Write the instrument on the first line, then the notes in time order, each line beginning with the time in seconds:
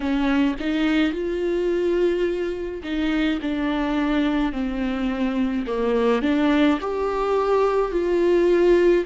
viola
0.00 C#4
0.59 D#4
1.12 F4
2.83 D#4
3.41 D4
4.52 C4
5.66 A#3
6.22 D4
6.80 G4
7.91 F4